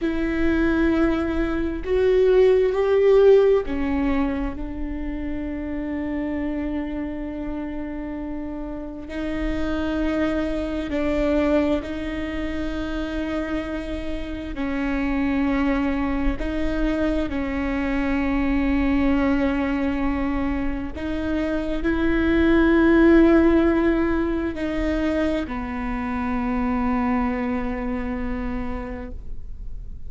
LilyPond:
\new Staff \with { instrumentName = "viola" } { \time 4/4 \tempo 4 = 66 e'2 fis'4 g'4 | cis'4 d'2.~ | d'2 dis'2 | d'4 dis'2. |
cis'2 dis'4 cis'4~ | cis'2. dis'4 | e'2. dis'4 | b1 | }